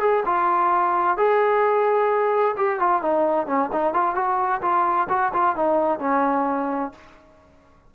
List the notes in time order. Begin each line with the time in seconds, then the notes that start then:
0.00 G#4
0.25 F4
1.17 G#4
2.57 G4
2.79 F4
3.02 D#4
3.46 C#4
3.72 D#4
3.93 F4
4.15 F#4
4.61 F4
5.09 F#4
5.33 F4
5.56 D#4
5.99 C#4